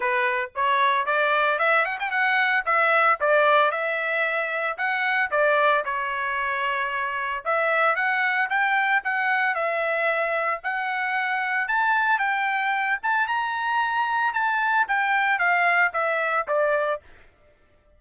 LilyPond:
\new Staff \with { instrumentName = "trumpet" } { \time 4/4 \tempo 4 = 113 b'4 cis''4 d''4 e''8 fis''16 g''16 | fis''4 e''4 d''4 e''4~ | e''4 fis''4 d''4 cis''4~ | cis''2 e''4 fis''4 |
g''4 fis''4 e''2 | fis''2 a''4 g''4~ | g''8 a''8 ais''2 a''4 | g''4 f''4 e''4 d''4 | }